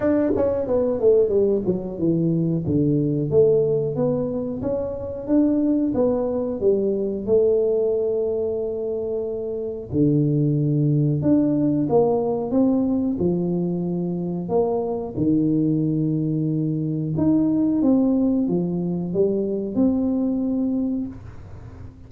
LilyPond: \new Staff \with { instrumentName = "tuba" } { \time 4/4 \tempo 4 = 91 d'8 cis'8 b8 a8 g8 fis8 e4 | d4 a4 b4 cis'4 | d'4 b4 g4 a4~ | a2. d4~ |
d4 d'4 ais4 c'4 | f2 ais4 dis4~ | dis2 dis'4 c'4 | f4 g4 c'2 | }